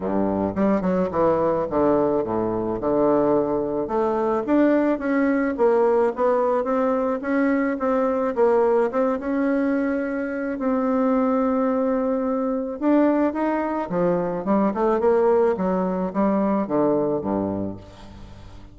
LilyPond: \new Staff \with { instrumentName = "bassoon" } { \time 4/4 \tempo 4 = 108 g,4 g8 fis8 e4 d4 | a,4 d2 a4 | d'4 cis'4 ais4 b4 | c'4 cis'4 c'4 ais4 |
c'8 cis'2~ cis'8 c'4~ | c'2. d'4 | dis'4 f4 g8 a8 ais4 | fis4 g4 d4 g,4 | }